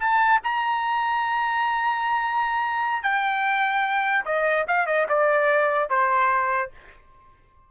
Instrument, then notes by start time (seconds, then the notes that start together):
trumpet
0.00 A5
0.44 A#5
3.03 G5
4.25 D#5
4.68 F5
4.87 D#5
5.09 D5
5.90 C5